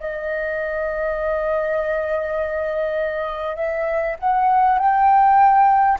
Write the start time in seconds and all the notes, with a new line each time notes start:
0.00 D#5
3.56 E5
4.19 F#5
4.78 G5